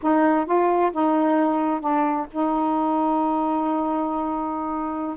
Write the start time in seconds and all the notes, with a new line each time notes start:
0.02 D#4
0.45 F4
0.92 D#4
1.80 D4
2.31 D#4